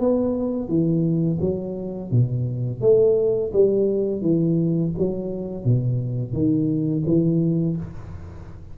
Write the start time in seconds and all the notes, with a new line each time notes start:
0.00 B3
0.68 E3
1.41 F#3
2.11 B2
2.81 A3
3.53 G3
4.22 E3
4.98 F#3
5.65 B2
6.33 D#3
7.06 E3